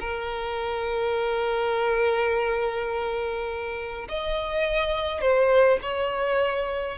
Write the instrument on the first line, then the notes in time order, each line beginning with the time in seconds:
violin
0.00 A#4
4.08 D#5
5.21 C5
5.82 C#5